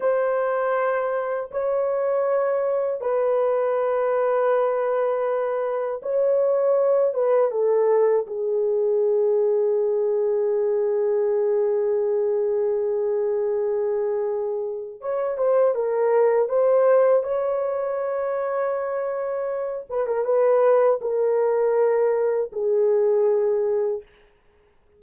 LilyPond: \new Staff \with { instrumentName = "horn" } { \time 4/4 \tempo 4 = 80 c''2 cis''2 | b'1 | cis''4. b'8 a'4 gis'4~ | gis'1~ |
gis'1 | cis''8 c''8 ais'4 c''4 cis''4~ | cis''2~ cis''8 b'16 ais'16 b'4 | ais'2 gis'2 | }